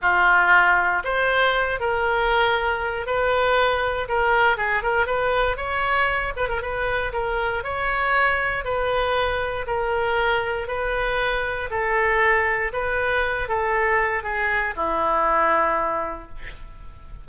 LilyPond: \new Staff \with { instrumentName = "oboe" } { \time 4/4 \tempo 4 = 118 f'2 c''4. ais'8~ | ais'2 b'2 | ais'4 gis'8 ais'8 b'4 cis''4~ | cis''8 b'16 ais'16 b'4 ais'4 cis''4~ |
cis''4 b'2 ais'4~ | ais'4 b'2 a'4~ | a'4 b'4. a'4. | gis'4 e'2. | }